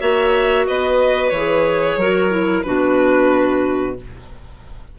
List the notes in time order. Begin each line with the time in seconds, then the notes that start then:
0.00 A#3 F#4 C#5 E5
0.67 B3 B4 D#5
1.29 E3 C#5
1.36 G#4
1.97 F#3 F#4 A#4
2.30 E4
2.63 B2 D4 F#4 B4